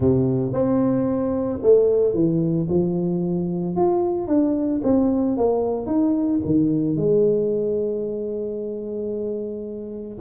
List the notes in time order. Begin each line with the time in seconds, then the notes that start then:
0.00 C3
0.52 C4
1.62 A3
2.14 E3
2.69 F3
3.75 F4
4.27 D4
4.83 C4
5.37 A#3
5.86 D#4
6.45 D#3
6.96 G#3